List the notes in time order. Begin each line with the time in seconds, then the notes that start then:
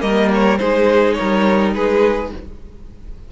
0.00 G3 A#3 A#4 D#5
0.34 C#5
0.58 G#3 D#4 G#4 C5
1.14 A#4 C#5
1.21 G3
1.75 G#3 G#4 B4